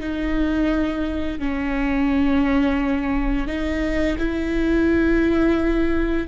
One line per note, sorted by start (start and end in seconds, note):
0.00 1.39 D#4
1.39 3.47 C#4
3.47 4.17 D#4
4.18 6.28 E4